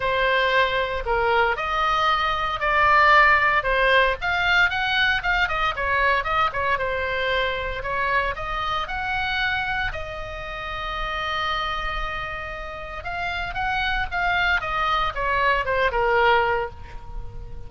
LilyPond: \new Staff \with { instrumentName = "oboe" } { \time 4/4 \tempo 4 = 115 c''2 ais'4 dis''4~ | dis''4 d''2 c''4 | f''4 fis''4 f''8 dis''8 cis''4 | dis''8 cis''8 c''2 cis''4 |
dis''4 fis''2 dis''4~ | dis''1~ | dis''4 f''4 fis''4 f''4 | dis''4 cis''4 c''8 ais'4. | }